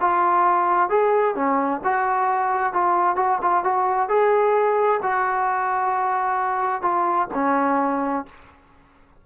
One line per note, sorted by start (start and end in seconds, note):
0.00 0.89 F4
0.89 1.35 G#4
1.35 1.81 C#4
1.84 2.73 F#4
2.73 3.16 F4
3.16 3.39 F#4
3.41 3.64 F4
3.64 4.09 F#4
4.09 5.00 G#4
5.02 6.82 F#4
6.82 7.27 F4
7.33 8.25 C#4